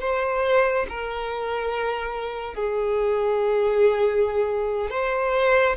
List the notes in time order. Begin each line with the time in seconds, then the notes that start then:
0.00 C5
0.89 A#4
2.54 G#4
4.90 C5